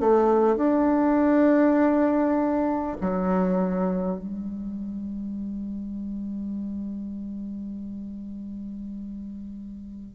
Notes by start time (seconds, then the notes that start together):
0.00 A3
0.56 D4
3.01 F#3
4.18 G3